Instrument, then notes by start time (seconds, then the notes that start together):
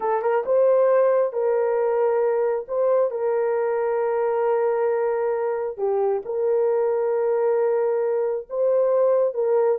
horn
0.00 A4
0.22 A#4
0.45 C5
1.32 A#4
2.67 C5
3.11 A#4
5.77 G4
6.25 A#4
8.49 C5
9.34 A#4